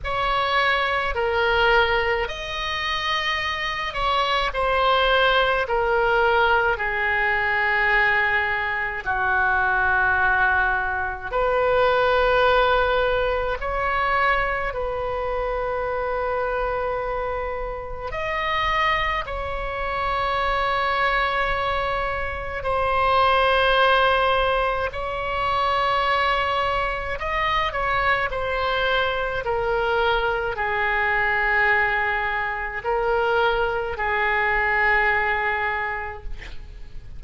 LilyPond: \new Staff \with { instrumentName = "oboe" } { \time 4/4 \tempo 4 = 53 cis''4 ais'4 dis''4. cis''8 | c''4 ais'4 gis'2 | fis'2 b'2 | cis''4 b'2. |
dis''4 cis''2. | c''2 cis''2 | dis''8 cis''8 c''4 ais'4 gis'4~ | gis'4 ais'4 gis'2 | }